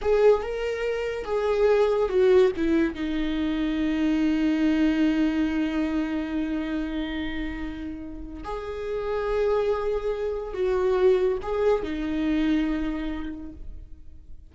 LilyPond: \new Staff \with { instrumentName = "viola" } { \time 4/4 \tempo 4 = 142 gis'4 ais'2 gis'4~ | gis'4 fis'4 e'4 dis'4~ | dis'1~ | dis'1~ |
dis'1 | gis'1~ | gis'4 fis'2 gis'4 | dis'1 | }